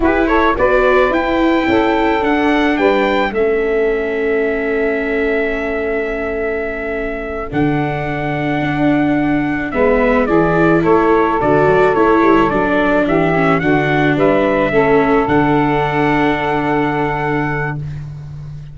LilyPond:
<<
  \new Staff \with { instrumentName = "trumpet" } { \time 4/4 \tempo 4 = 108 b'8 cis''8 d''4 g''2 | fis''4 g''4 e''2~ | e''1~ | e''4. fis''2~ fis''8~ |
fis''4. e''4 d''4 cis''8~ | cis''8 d''4 cis''4 d''4 e''8~ | e''8 fis''4 e''2 fis''8~ | fis''1 | }
  \new Staff \with { instrumentName = "saxophone" } { \time 4/4 g'8 a'8 b'2 a'4~ | a'4 b'4 a'2~ | a'1~ | a'1~ |
a'4. b'4 gis'4 a'8~ | a'2.~ a'8 g'8~ | g'8 fis'4 b'4 a'4.~ | a'1 | }
  \new Staff \with { instrumentName = "viola" } { \time 4/4 e'4 fis'4 e'2 | d'2 cis'2~ | cis'1~ | cis'4. d'2~ d'8~ |
d'4. b4 e'4.~ | e'8 fis'4 e'4 d'4. | cis'8 d'2 cis'4 d'8~ | d'1 | }
  \new Staff \with { instrumentName = "tuba" } { \time 4/4 e'4 b4 e'4 cis'4 | d'4 g4 a2~ | a1~ | a4. d2 d'8~ |
d'4. gis4 e4 a8~ | a8 d8 fis8 a8 g8 fis4 e8~ | e8 d4 g4 a4 d8~ | d1 | }
>>